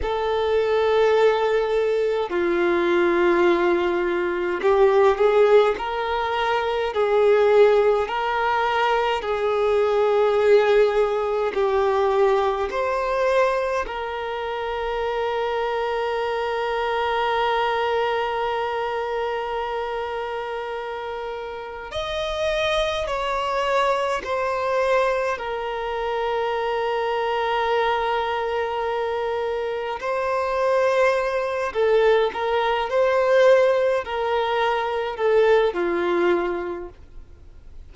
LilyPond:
\new Staff \with { instrumentName = "violin" } { \time 4/4 \tempo 4 = 52 a'2 f'2 | g'8 gis'8 ais'4 gis'4 ais'4 | gis'2 g'4 c''4 | ais'1~ |
ais'2. dis''4 | cis''4 c''4 ais'2~ | ais'2 c''4. a'8 | ais'8 c''4 ais'4 a'8 f'4 | }